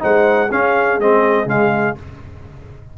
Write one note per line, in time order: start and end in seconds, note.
0.00 0.51 G#3
0.00 0.49 D#4
0.00 0.50 C5
0.00 0.52 F#5
0.50 0.99 C#4
0.50 1.01 C#4
0.50 1.97 G#4
0.50 1.01 F5
0.99 1.46 G#3
0.99 1.47 C4
0.99 1.49 D#5
1.46 1.95 C#3
1.46 1.96 G#3
1.46 1.98 F5